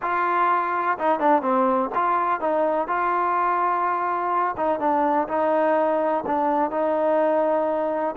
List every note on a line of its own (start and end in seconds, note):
0.02 0.98 F4
0.98 1.19 D#4
1.19 1.42 D4
1.42 1.90 C4
1.94 2.40 F4
2.40 2.87 D#4
2.87 4.55 F4
4.56 4.79 D#4
4.79 5.27 D4
5.28 6.24 D#4
6.26 6.71 D4
6.71 8.15 D#4